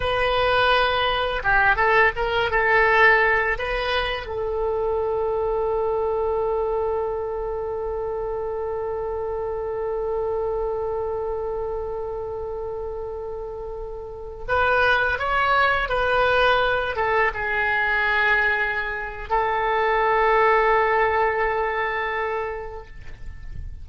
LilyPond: \new Staff \with { instrumentName = "oboe" } { \time 4/4 \tempo 4 = 84 b'2 g'8 a'8 ais'8 a'8~ | a'4 b'4 a'2~ | a'1~ | a'1~ |
a'1~ | a'16 b'4 cis''4 b'4. a'16~ | a'16 gis'2~ gis'8. a'4~ | a'1 | }